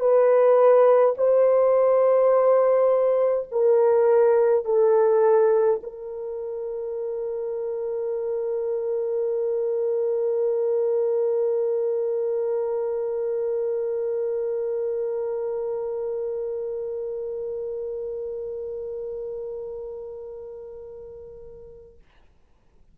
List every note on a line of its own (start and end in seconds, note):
0.00 1.15 B4
1.18 3.49 C5
3.52 4.65 A#4
4.65 5.81 A4
5.83 21.99 A#4